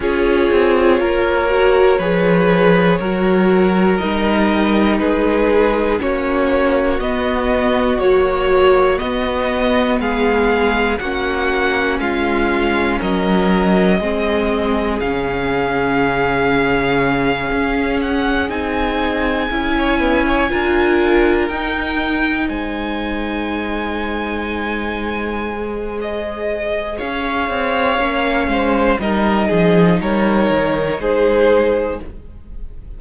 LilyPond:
<<
  \new Staff \with { instrumentName = "violin" } { \time 4/4 \tempo 4 = 60 cis''1 | dis''4 b'4 cis''4 dis''4 | cis''4 dis''4 f''4 fis''4 | f''4 dis''2 f''4~ |
f''2 fis''8 gis''4.~ | gis''4. g''4 gis''4.~ | gis''2 dis''4 f''4~ | f''4 dis''4 cis''4 c''4 | }
  \new Staff \with { instrumentName = "violin" } { \time 4/4 gis'4 ais'4 b'4 ais'4~ | ais'4 gis'4 fis'2~ | fis'2 gis'4 fis'4 | f'4 ais'4 gis'2~ |
gis'2.~ gis'8. cis''16 | b16 cis''16 ais'2 c''4.~ | c''2. cis''4~ | cis''8 c''8 ais'8 gis'8 ais'4 gis'4 | }
  \new Staff \with { instrumentName = "viola" } { \time 4/4 f'4. fis'8 gis'4 fis'4 | dis'2 cis'4 b4 | fis4 b2 cis'4~ | cis'2 c'4 cis'4~ |
cis'2~ cis'8 dis'4 e'8~ | e'8 f'4 dis'2~ dis'8~ | dis'4. gis'2~ gis'8 | cis'4 dis'2. | }
  \new Staff \with { instrumentName = "cello" } { \time 4/4 cis'8 c'8 ais4 f4 fis4 | g4 gis4 ais4 b4 | ais4 b4 gis4 ais4 | gis4 fis4 gis4 cis4~ |
cis4. cis'4 c'4 cis'8~ | cis'8 d'4 dis'4 gis4.~ | gis2. cis'8 c'8 | ais8 gis8 g8 f8 g8 dis8 gis4 | }
>>